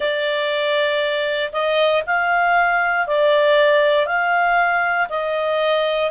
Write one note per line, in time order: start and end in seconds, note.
0.00 1.51 D5
1.52 2.03 D#5
2.06 3.07 F5
3.07 4.06 D5
4.06 5.08 F5
5.08 6.10 D#5